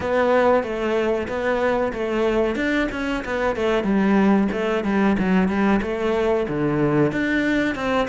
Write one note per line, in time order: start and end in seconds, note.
0.00 0.63 B3
0.63 1.27 A3
1.28 1.92 B3
1.93 2.55 A3
2.55 2.88 D4
2.91 3.24 C#4
3.24 3.56 B3
3.56 3.83 A3
3.83 4.48 G3
4.52 4.84 A3
4.84 5.16 G3
5.18 5.48 F#3
5.48 5.80 G3
5.82 6.46 A3
6.48 7.11 D3
7.11 7.75 D4
7.75 8.07 C4